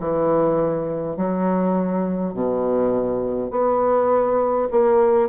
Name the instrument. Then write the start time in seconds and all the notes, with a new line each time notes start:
bassoon
0.00 E3
1.17 F#3
2.34 B2
3.50 B3
4.71 A#3